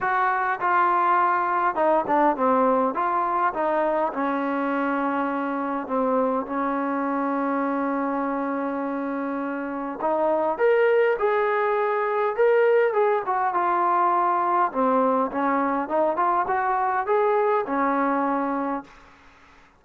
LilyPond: \new Staff \with { instrumentName = "trombone" } { \time 4/4 \tempo 4 = 102 fis'4 f'2 dis'8 d'8 | c'4 f'4 dis'4 cis'4~ | cis'2 c'4 cis'4~ | cis'1~ |
cis'4 dis'4 ais'4 gis'4~ | gis'4 ais'4 gis'8 fis'8 f'4~ | f'4 c'4 cis'4 dis'8 f'8 | fis'4 gis'4 cis'2 | }